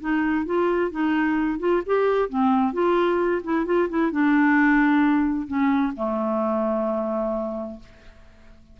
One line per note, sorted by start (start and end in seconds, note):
0.00 0.46 D#4
0.46 0.91 F4
0.91 1.59 D#4
1.59 1.82 F4
1.86 2.30 G4
2.30 2.73 C4
2.73 3.42 F4
3.44 3.66 E4
3.66 3.89 F4
3.89 4.12 E4
4.12 5.47 D4
5.47 5.93 C#4
5.97 7.80 A3